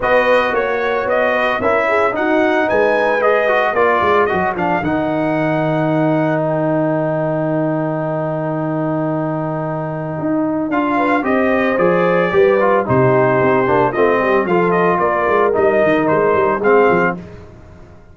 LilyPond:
<<
  \new Staff \with { instrumentName = "trumpet" } { \time 4/4 \tempo 4 = 112 dis''4 cis''4 dis''4 e''4 | fis''4 gis''4 dis''4 d''4 | dis''8 f''8 fis''2. | g''1~ |
g''1 | f''4 dis''4 d''2 | c''2 dis''4 f''8 dis''8 | d''4 dis''4 c''4 f''4 | }
  \new Staff \with { instrumentName = "horn" } { \time 4/4 b'4 cis''4. b'8 ais'8 gis'8 | fis'4 b'2 ais'4~ | ais'1~ | ais'1~ |
ais'1~ | ais'8 b'8 c''2 b'4 | g'2 f'8 g'8 a'4 | ais'2. gis'4 | }
  \new Staff \with { instrumentName = "trombone" } { \time 4/4 fis'2. e'4 | dis'2 gis'8 fis'8 f'4 | fis'8 d'8 dis'2.~ | dis'1~ |
dis'1 | f'4 g'4 gis'4 g'8 f'8 | dis'4. d'8 c'4 f'4~ | f'4 dis'2 c'4 | }
  \new Staff \with { instrumentName = "tuba" } { \time 4/4 b4 ais4 b4 cis'4 | dis'4 gis2 ais8 gis8 | fis8 f8 dis2.~ | dis1~ |
dis2. dis'4 | d'4 c'4 f4 g4 | c4 c'8 ais8 a8 g8 f4 | ais8 gis8 g8 dis8 gis8 g8 gis8 f8 | }
>>